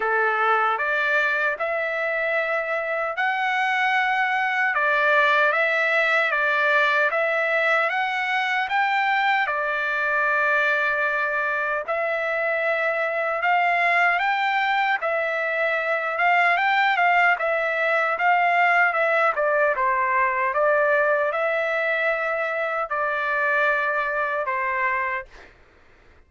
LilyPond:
\new Staff \with { instrumentName = "trumpet" } { \time 4/4 \tempo 4 = 76 a'4 d''4 e''2 | fis''2 d''4 e''4 | d''4 e''4 fis''4 g''4 | d''2. e''4~ |
e''4 f''4 g''4 e''4~ | e''8 f''8 g''8 f''8 e''4 f''4 | e''8 d''8 c''4 d''4 e''4~ | e''4 d''2 c''4 | }